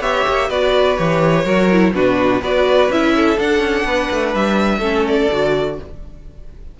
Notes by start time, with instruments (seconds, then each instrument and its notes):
0.00 cello B3, viola G4, violin C#5 E5
0.28 cello A#3
0.49 cello B3, viola F#4, violin B4 D5
0.97 cello E3, viola G4, violin C#5
1.45 cello F#3, viola F#4, violin A#4
1.72 viola E4
1.93 cello B2, viola D4, violin F#4 B4
2.41 cello B3, viola F#4, violin B4 D5
2.89 cello C#4, viola E4, violin E5
3.16 violin A4
3.36 viola D4, cello D4, violin F#5
3.60 cello C#4
3.84 cello B3, violin B4
4.11 cello A3
4.34 cello G3, violin E5
4.78 cello A3, viola C#4, violin A4
5.08 violin D5
5.31 cello D3, viola F#4